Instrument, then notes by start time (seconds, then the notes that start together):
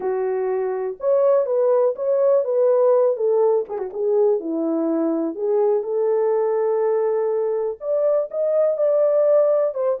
horn
0.00 F#4
1.00 C#5
1.45 B4
1.95 C#5
2.44 B4
3.16 A4
3.68 G#4
3.78 F#4
3.93 G#4
4.40 E4
5.35 G#4
5.83 A4
7.80 D5
8.31 D#5
8.77 D5
9.74 C5